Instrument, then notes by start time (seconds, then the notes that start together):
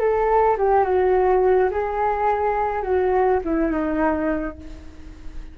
flute
0.00 A4
0.58 G4
0.85 F#4
1.71 G#4
2.83 F#4
3.45 E4
3.72 D#4